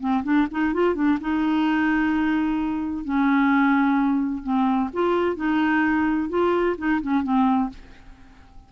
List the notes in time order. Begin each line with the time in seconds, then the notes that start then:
0.00 C4
0.24 D4
0.51 D#4
0.74 F4
0.95 D4
1.21 D#4
3.04 C#4
4.43 C4
4.93 F4
5.36 D#4
6.29 F4
6.78 D#4
7.02 C#4
7.23 C4